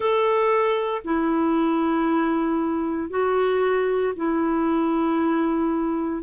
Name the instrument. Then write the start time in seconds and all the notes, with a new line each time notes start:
clarinet
0.00 A4
1.04 E4
3.10 F#4
4.16 E4